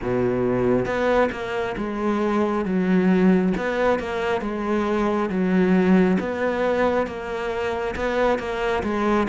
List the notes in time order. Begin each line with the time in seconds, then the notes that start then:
0.02 B2
0.85 B3
1.31 A#3
1.77 G#3
2.65 F#3
3.57 B3
3.99 A#3
4.41 G#3
5.29 F#3
6.19 B3
7.06 A#3
7.95 B3
8.38 A#3
8.83 G#3